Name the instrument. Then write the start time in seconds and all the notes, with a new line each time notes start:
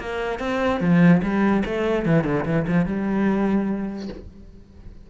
cello
0.00 A#3
0.40 C4
0.81 F3
1.23 G3
1.66 A3
2.06 E3
2.25 D3
2.46 E3
2.68 F3
2.86 G3